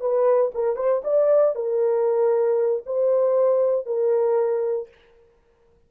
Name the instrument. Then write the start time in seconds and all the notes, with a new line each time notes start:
horn
0.00 B4
0.54 A#4
0.76 C5
1.03 D5
1.55 A#4
2.86 C5
3.86 A#4